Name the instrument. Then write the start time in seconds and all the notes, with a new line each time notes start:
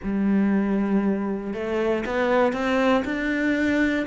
cello
0.03 G3
1.53 A3
2.05 B3
2.52 C4
3.05 D4